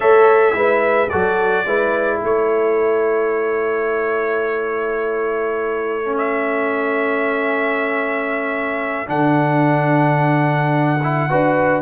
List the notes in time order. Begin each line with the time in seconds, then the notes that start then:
0.00 A3 A4 C#5 E5
0.52 G#3 E4 B4
1.09 F#3 F#4 A4 D5
1.65 G#3 E4 B4
2.18 A3 A4
2.25 C#5
6.05 C#4
6.18 E5
9.06 D3 D4 F#5
11.03 E4
11.29 D4 F#4 B4